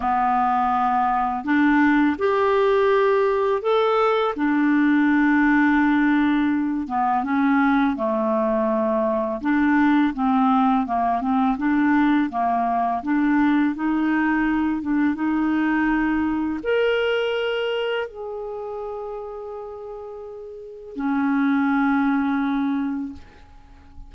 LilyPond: \new Staff \with { instrumentName = "clarinet" } { \time 4/4 \tempo 4 = 83 b2 d'4 g'4~ | g'4 a'4 d'2~ | d'4. b8 cis'4 a4~ | a4 d'4 c'4 ais8 c'8 |
d'4 ais4 d'4 dis'4~ | dis'8 d'8 dis'2 ais'4~ | ais'4 gis'2.~ | gis'4 cis'2. | }